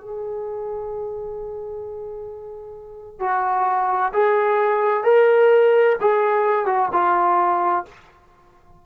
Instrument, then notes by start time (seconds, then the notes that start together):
trombone
0.00 G#4
3.20 F#4
4.13 G#4
5.03 A#4
6.00 G#4
6.65 F#4
6.92 F4